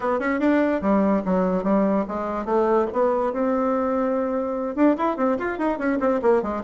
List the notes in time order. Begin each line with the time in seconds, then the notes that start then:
0.00 B3
0.19 C#4
0.39 D4
0.81 G3
1.25 F#3
1.63 G3
2.07 G#3
2.45 A3
2.93 B3
3.32 C4
4.75 D4
4.97 E4
5.16 C4
5.38 F4
5.58 D#4
5.78 C#4
6.00 C4
6.21 A#3
6.42 G#3